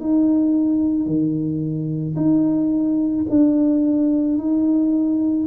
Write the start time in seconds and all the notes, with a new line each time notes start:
0.00 D#4
1.07 D#3
2.16 D#4
3.30 D4
4.38 D#4